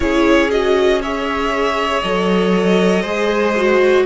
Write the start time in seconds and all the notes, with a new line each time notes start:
0.00 C#4 E4 G#4 C#5
0.50 F#4 D#5
1.01 G#4 C#5 E5
2.01 F#3 A4 D#5
3.02 G#3 G#4 C5
3.56 F#4